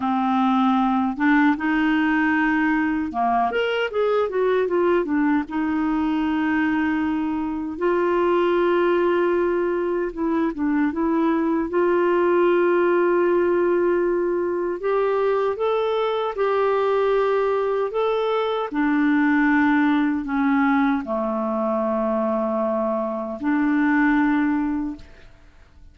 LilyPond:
\new Staff \with { instrumentName = "clarinet" } { \time 4/4 \tempo 4 = 77 c'4. d'8 dis'2 | ais8 ais'8 gis'8 fis'8 f'8 d'8 dis'4~ | dis'2 f'2~ | f'4 e'8 d'8 e'4 f'4~ |
f'2. g'4 | a'4 g'2 a'4 | d'2 cis'4 a4~ | a2 d'2 | }